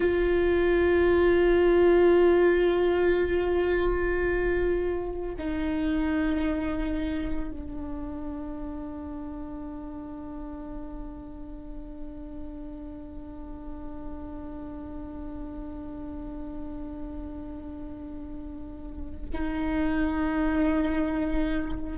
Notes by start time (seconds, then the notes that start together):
0.00 F4
5.38 D#4
7.51 D4
19.33 D#4